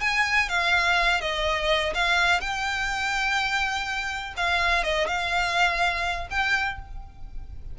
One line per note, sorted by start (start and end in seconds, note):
0.00 0.48 G#5
0.48 1.21 F5
1.21 1.93 D#5
1.94 2.40 F5
2.40 4.34 G5
4.37 4.83 F5
4.83 5.07 D#5
5.07 6.28 F5
6.30 6.79 G5